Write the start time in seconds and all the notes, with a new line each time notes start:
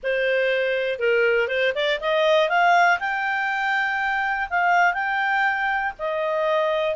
0.03 C5
0.99 A#4
1.48 C5
1.74 D5
2.00 D#5
2.49 F5
2.99 G5
4.50 F5
4.93 G5
5.99 D#5